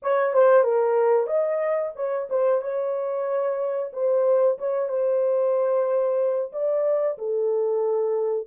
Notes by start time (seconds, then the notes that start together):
0.02 C#5
0.33 C5
0.63 A#4
1.26 D#5
1.95 C#5
2.29 C5
2.61 C#5
3.92 C5
4.58 C#5
4.89 C5
6.52 D5
7.17 A4